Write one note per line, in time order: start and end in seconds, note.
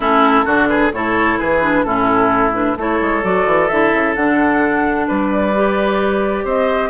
0.00 0.44 A3
0.00 0.45 C#4
0.00 0.45 E4
0.00 0.67 A4
0.45 0.92 D3
0.45 0.91 D4
0.45 0.68 F#4
0.67 0.92 G#4
0.67 0.91 B4
0.92 1.38 A2
0.92 1.62 E4
0.92 1.38 A4
0.92 1.38 C#5
1.38 1.84 E3
1.38 1.85 G#4
1.38 1.83 B4
1.62 1.85 D4
1.83 2.76 A2
1.83 2.53 C#4
1.83 2.78 E4
1.83 2.52 A4
2.53 2.76 D4
2.53 2.77 B4
2.76 2.99 A3
2.76 3.22 E4
2.76 5.07 A4
2.76 3.24 C#5
3.00 3.23 G#3
3.22 3.46 F#3
3.22 3.69 F#4
3.22 3.68 D5
3.46 3.69 E3
3.68 3.93 D3
3.68 4.16 E4
3.68 4.14 E5
3.93 4.15 C#3
4.15 5.08 D3
4.15 5.54 D4
4.15 5.07 F#5
5.07 6.44 G3
5.07 6.44 B4
5.07 6.46 D5
5.54 6.89 G4
6.44 6.89 C4
6.44 6.89 C5
6.44 6.89 D#5